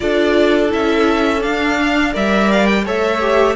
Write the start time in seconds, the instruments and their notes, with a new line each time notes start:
0.00 cello D4, viola F4, violin A4 D5
0.69 cello C#4, viola E4, violin E5
1.39 viola D4, violin F5
1.46 cello D4
1.81 violin F5
2.12 cello G3, viola A#4, violin D5 E5
2.51 violin F5
2.66 violin G5
2.85 cello A3, viola A4, violin C#5 E5
3.20 viola G4